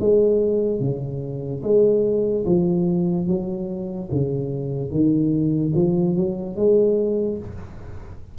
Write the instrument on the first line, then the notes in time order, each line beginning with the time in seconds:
tuba
0.00 G#3
0.80 C#3
1.63 G#3
2.46 F3
3.27 F#3
4.11 C#3
4.91 D#3
5.75 F3
6.16 F#3
6.56 G#3